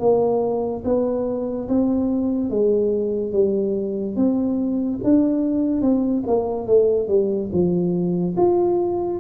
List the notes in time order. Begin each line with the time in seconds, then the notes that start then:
0.00 A#3
0.85 B3
1.69 C4
2.51 G#3
3.33 G3
4.17 C4
5.04 D4
5.82 C4
6.27 A#3
6.67 A3
7.09 G3
7.53 F3
8.37 F4